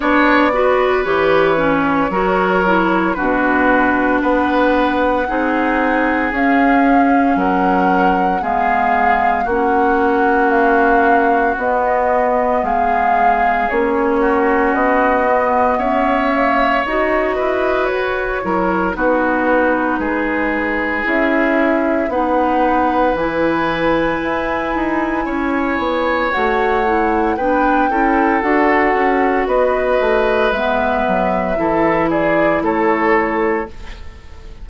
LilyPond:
<<
  \new Staff \with { instrumentName = "flute" } { \time 4/4 \tempo 4 = 57 d''4 cis''2 b'4 | fis''2 f''4 fis''4 | f''4 fis''4 f''4 dis''4 | f''4 cis''4 dis''4 e''4 |
dis''4 cis''4 b'2 | e''4 fis''4 gis''2~ | gis''4 fis''4 g''4 fis''4 | dis''4 e''4. d''8 cis''4 | }
  \new Staff \with { instrumentName = "oboe" } { \time 4/4 cis''8 b'4. ais'4 fis'4 | b'4 gis'2 ais'4 | gis'4 fis'2. | gis'4. fis'4. cis''4~ |
cis''8 b'4 ais'8 fis'4 gis'4~ | gis'4 b'2. | cis''2 b'8 a'4. | b'2 a'8 gis'8 a'4 | }
  \new Staff \with { instrumentName = "clarinet" } { \time 4/4 d'8 fis'8 g'8 cis'8 fis'8 e'8 d'4~ | d'4 dis'4 cis'2 | b4 cis'2 b4~ | b4 cis'4. b4 ais8 |
fis'4. e'8 dis'2 | e'4 dis'4 e'2~ | e'4 fis'8 e'8 d'8 e'8 fis'4~ | fis'4 b4 e'2 | }
  \new Staff \with { instrumentName = "bassoon" } { \time 4/4 b4 e4 fis4 b,4 | b4 c'4 cis'4 fis4 | gis4 ais2 b4 | gis4 ais4 b4 cis'4 |
dis'8 e'8 fis'8 fis8 b4 gis4 | cis'4 b4 e4 e'8 dis'8 | cis'8 b8 a4 b8 cis'8 d'8 cis'8 | b8 a8 gis8 fis8 e4 a4 | }
>>